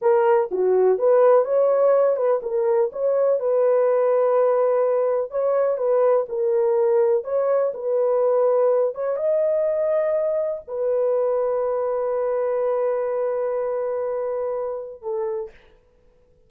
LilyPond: \new Staff \with { instrumentName = "horn" } { \time 4/4 \tempo 4 = 124 ais'4 fis'4 b'4 cis''4~ | cis''8 b'8 ais'4 cis''4 b'4~ | b'2. cis''4 | b'4 ais'2 cis''4 |
b'2~ b'8 cis''8 dis''4~ | dis''2 b'2~ | b'1~ | b'2. a'4 | }